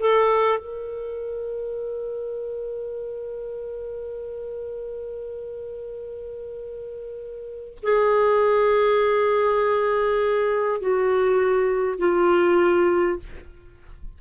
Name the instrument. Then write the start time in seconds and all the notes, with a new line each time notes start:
clarinet
0.00 A4
0.58 A#4
7.83 G#4
10.81 F#4
11.99 F4